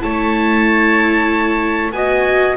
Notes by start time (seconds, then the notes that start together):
0.00 A3 E4 C#5 A5
1.93 B3 F#4 D#5 G#5